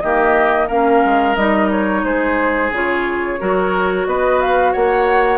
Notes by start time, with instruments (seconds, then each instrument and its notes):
0.00 bassoon D#3, clarinet A#3, oboe G4, flute D#5
0.67 bassoon A#3, clarinet C#4, oboe A#4, flute F5
1.04 bassoon G#3
1.35 bassoon G3, clarinet D#4, flute D#5
1.70 flute C#5
2.03 bassoon G#3, oboe G#4, flute C5
2.71 bassoon C#3, clarinet F4, flute C#5
3.39 bassoon F#3, clarinet F#4, oboe A#4
4.06 bassoon B3, oboe B4, flute D#5
4.41 flute F5
4.72 bassoon A#3, oboe C#5, flute F#5